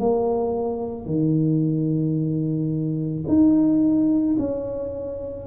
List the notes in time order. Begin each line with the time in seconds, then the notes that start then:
0.00 A#3
1.06 D#3
3.28 D#4
4.39 C#4